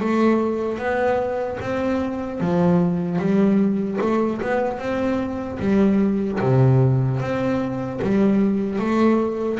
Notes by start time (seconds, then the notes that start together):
0.00 A3
0.79 B3
1.61 C4
2.40 F3
3.19 G3
4.01 A3
4.41 B3
4.79 C4
5.60 G3
6.40 C3
7.20 C4
8.02 G3
8.79 A3